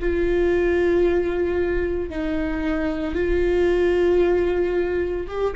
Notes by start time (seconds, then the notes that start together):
0.00 F4
2.10 D#4
3.15 F4
5.28 G4